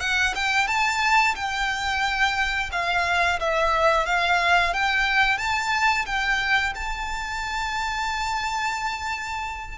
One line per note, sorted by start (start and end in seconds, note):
0.00 0.34 F#5
0.35 0.67 G5
0.67 1.35 A5
1.35 2.70 G5
2.72 3.39 F5
3.39 4.05 E5
4.05 4.73 F5
4.73 5.37 G5
5.37 6.05 A5
6.06 6.73 G5
6.75 9.78 A5